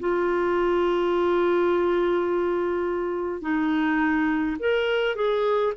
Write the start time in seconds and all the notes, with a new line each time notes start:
0.00 F4
3.41 D#4
4.59 A#4
5.16 G#4